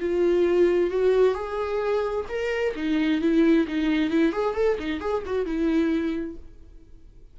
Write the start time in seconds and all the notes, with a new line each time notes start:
0.00 F4
0.90 F#4
1.34 G#4
2.29 A#4
2.76 D#4
3.21 E4
3.68 D#4
4.10 E4
4.32 G#4
4.55 A4
4.79 D#4
5.01 G#4
5.26 F#4
5.45 E4